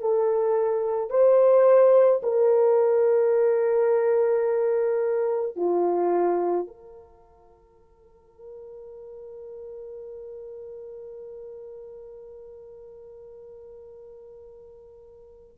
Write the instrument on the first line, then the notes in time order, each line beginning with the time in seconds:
horn
0.00 A4
1.10 C5
2.23 A#4
5.56 F4
6.67 A#4